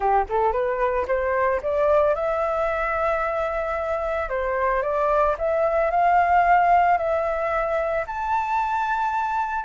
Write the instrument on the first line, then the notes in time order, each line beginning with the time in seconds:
flute
0.00 G4
0.29 A4
0.52 B4
1.07 C5
1.62 D5
2.14 E5
4.29 C5
4.82 D5
5.38 E5
5.91 F5
6.97 E5
8.06 A5